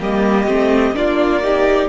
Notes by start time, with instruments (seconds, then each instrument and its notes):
0.00 cello G3, viola A#3, violin G4 D#5
0.48 cello A3, viola C4
0.92 cello A#3, viola D4, violin F4 D5
1.43 viola D#4, violin G4